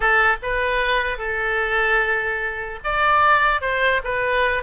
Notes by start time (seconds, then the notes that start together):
0.00 A4
0.42 B4
1.18 A4
2.84 D5
3.61 C5
4.04 B4